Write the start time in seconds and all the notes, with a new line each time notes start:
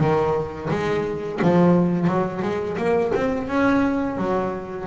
0.00 D#3
0.70 G#3
1.42 F3
2.08 F#3
2.43 G#3
2.78 A#3
3.15 C4
3.48 C#4
4.18 F#3